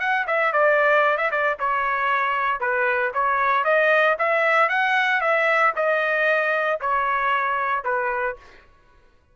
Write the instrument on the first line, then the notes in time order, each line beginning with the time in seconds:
trumpet
0.00 F#5
0.27 E5
0.53 D5
1.18 E5
1.31 D5
1.60 C#5
2.60 B4
3.14 C#5
3.65 D#5
4.19 E5
4.69 F#5
5.21 E5
5.76 D#5
6.81 C#5
7.85 B4